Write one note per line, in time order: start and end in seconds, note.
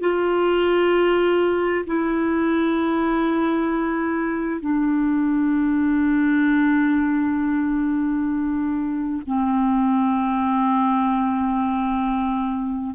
0.00 1.85 F4
1.86 4.60 E4
4.60 9.21 D4
9.26 12.95 C4